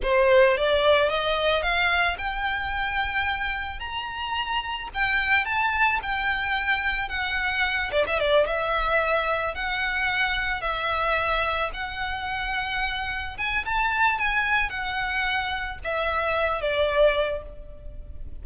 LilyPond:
\new Staff \with { instrumentName = "violin" } { \time 4/4 \tempo 4 = 110 c''4 d''4 dis''4 f''4 | g''2. ais''4~ | ais''4 g''4 a''4 g''4~ | g''4 fis''4. d''16 e''16 d''8 e''8~ |
e''4. fis''2 e''8~ | e''4. fis''2~ fis''8~ | fis''8 gis''8 a''4 gis''4 fis''4~ | fis''4 e''4. d''4. | }